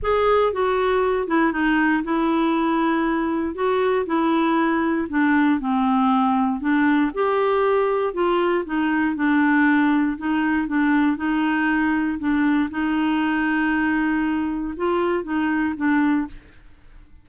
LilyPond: \new Staff \with { instrumentName = "clarinet" } { \time 4/4 \tempo 4 = 118 gis'4 fis'4. e'8 dis'4 | e'2. fis'4 | e'2 d'4 c'4~ | c'4 d'4 g'2 |
f'4 dis'4 d'2 | dis'4 d'4 dis'2 | d'4 dis'2.~ | dis'4 f'4 dis'4 d'4 | }